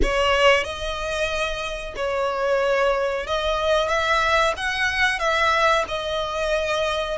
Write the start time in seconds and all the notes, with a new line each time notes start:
0.02 C#5
0.64 D#5
1.96 C#5
3.26 D#5
3.88 E5
4.56 F#5
5.18 E5
5.88 D#5